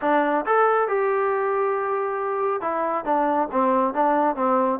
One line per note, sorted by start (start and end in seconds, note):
0.01 0.45 D4
0.45 0.88 A4
0.88 2.61 G4
2.61 3.04 E4
3.04 3.48 D4
3.51 3.94 C4
3.94 4.35 D4
4.35 4.79 C4